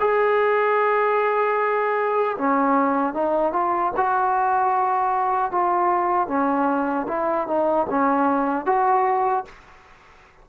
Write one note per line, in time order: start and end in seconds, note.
0.00 2.37 G#4
2.38 3.14 C#4
3.14 3.53 D#4
3.53 3.92 F4
3.97 5.52 F#4
5.52 6.28 F4
6.28 7.07 C#4
7.08 7.47 E4
7.47 7.87 D#4
7.90 8.66 C#4
8.66 9.45 F#4